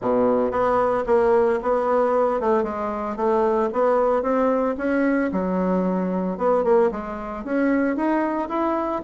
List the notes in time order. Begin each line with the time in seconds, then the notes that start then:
0.01 B2
0.51 B3
1.06 A#3
1.62 B3
2.40 A3
2.63 G#3
3.16 A3
3.72 B3
4.22 C4
4.77 C#4
5.31 F#3
6.37 B3
6.64 A#3
6.91 G#3
7.44 C#4
7.96 D#4
8.48 E4